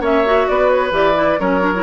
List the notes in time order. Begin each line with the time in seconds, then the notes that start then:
0.00 A#3 C#4 C#5 E5
0.25 F#4
0.48 B3 B4 D5
0.69 C#5
0.91 E3 G4 D5
1.14 E4
1.39 F#3 C#4 A#4 C#5
1.61 D4
1.75 E4